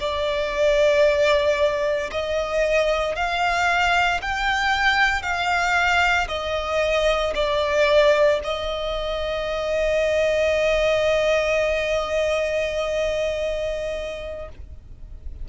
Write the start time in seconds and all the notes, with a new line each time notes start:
0.00 D5
2.11 D#5
3.15 F5
4.22 G5
5.22 F5
6.28 D#5
7.35 D5
8.44 D#5